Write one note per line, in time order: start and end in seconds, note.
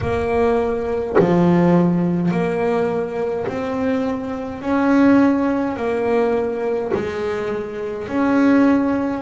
0.01 1.16 A#3
1.19 2.31 F3
2.31 3.46 A#3
3.46 4.61 C4
4.61 5.76 C#4
5.76 6.91 A#3
6.94 8.08 G#3
8.08 9.22 C#4